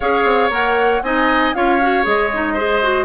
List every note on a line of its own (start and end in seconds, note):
0.00 0.24 C#4
0.00 0.50 G#4
0.00 1.02 C#5
0.00 0.51 F5
0.24 0.49 C4
0.50 1.01 A#3
0.50 1.02 A#4
0.50 1.02 F#5
1.02 1.53 C4
1.02 1.54 D#4
1.02 1.56 D#5
1.02 1.54 G#5
1.54 2.05 C#4
1.54 1.80 F4
1.54 2.53 C#5
1.54 2.05 F5
1.81 2.03 F#4
2.03 3.04 G#3
2.03 2.29 G#4
2.03 3.04 D#5
2.33 2.57 D#4
2.53 2.82 G#4
2.53 3.04 C5
2.82 3.04 F#4